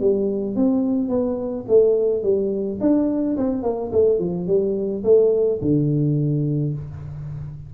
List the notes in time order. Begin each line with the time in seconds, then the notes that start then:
0.00 G3
0.56 C4
1.09 B3
1.68 A3
2.23 G3
2.81 D4
3.37 C4
3.63 A#3
3.92 A3
4.19 F3
4.47 G3
5.04 A3
5.61 D3